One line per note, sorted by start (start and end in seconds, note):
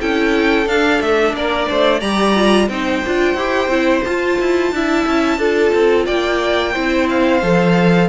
0.00 0.66 C#4
0.00 0.66 E4
0.00 1.35 A4
0.00 0.68 G5
0.66 1.00 D4
0.66 2.01 D4
0.66 1.01 F5
1.01 1.33 A3
1.01 1.35 E5
1.33 1.67 A#3
1.33 1.69 A#4
1.33 2.01 D5
1.69 2.01 A3
1.69 1.99 C5
1.99 2.68 G3
1.99 2.35 G4
1.99 2.67 D5
1.99 2.68 A#5
2.36 2.69 F4
2.68 3.02 C4
2.68 3.04 D#4
2.68 4.74 C5
2.68 4.04 G5
3.06 3.35 D4
3.06 3.37 F4
3.35 3.68 E4
3.35 3.70 G4
3.68 4.01 C4
3.68 4.04 E4
4.04 4.39 F4
4.04 4.74 F4
4.04 6.06 A5
4.39 4.72 E4
4.72 5.06 D4
4.72 5.39 E4
4.72 5.39 E5
5.07 5.38 C#4
5.38 5.71 D4
5.38 6.74 F4
5.38 6.06 A4
5.74 6.08 C4
6.06 6.76 A#3
6.06 6.73 D5
6.06 7.07 G5
6.73 7.43 C4
6.73 7.42 E4
6.73 8.07 C5
7.10 8.09 F5
7.42 8.09 F3
7.42 8.09 A4